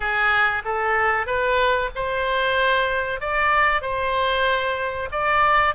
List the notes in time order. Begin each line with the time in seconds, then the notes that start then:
0.00 G#4
0.64 A4
1.26 B4
1.95 C5
3.20 D5
3.81 C5
5.11 D5